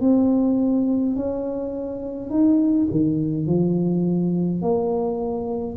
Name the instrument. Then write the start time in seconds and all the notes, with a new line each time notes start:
tuba
0.00 C4
1.15 C#4
2.29 D#4
2.91 D#3
3.46 F3
4.62 A#3